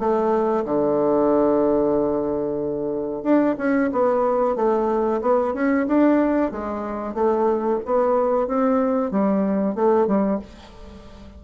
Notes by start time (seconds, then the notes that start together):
0.00 A3
0.66 D3
3.23 D4
3.58 C#4
3.92 B3
4.56 A3
5.22 B3
5.54 C#4
5.88 D4
6.52 G#3
7.15 A3
7.86 B3
8.48 C4
9.12 G3
9.75 A3
10.07 G3